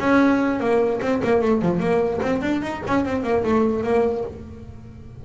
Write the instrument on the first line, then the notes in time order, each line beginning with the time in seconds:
double bass
0.00 C#4
0.60 A#3
1.02 C4
1.24 A#3
1.42 A3
1.62 F3
1.80 A#3
2.22 C4
2.42 D4
2.62 D#4
2.87 C#4
3.05 C4
3.24 A#3
3.44 A3
3.84 A#3